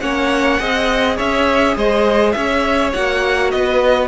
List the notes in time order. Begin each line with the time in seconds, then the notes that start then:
0.00 A#3 C#4 C#5 F#5
0.59 C4 G#4 D#5
1.16 C#4 C#5 E5
1.76 G#3 C5 D#5
2.32 C#4 C#5 E5
2.93 A#3 F#4 F#5
3.50 B3 B4 D#5